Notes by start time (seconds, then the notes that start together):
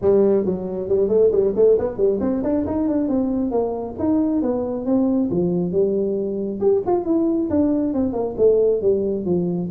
0.01 G3
0.45 F#3
0.88 G3
1.08 A3
1.31 G3
1.55 A3
1.78 B3
1.97 G3
2.20 C4
2.43 D4
2.66 D#4
2.88 D4
3.08 C4
3.51 A#3
3.98 D#4
4.41 B3
4.85 C4
5.30 F3
5.72 G3
6.60 G4
6.86 F4
7.05 E4
7.50 D4
7.93 C4
8.13 A#3
8.37 A3
8.81 G3
9.25 F3